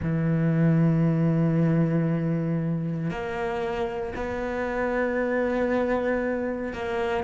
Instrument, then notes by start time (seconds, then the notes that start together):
cello
0.02 E3
3.10 A#3
4.15 B3
6.73 A#3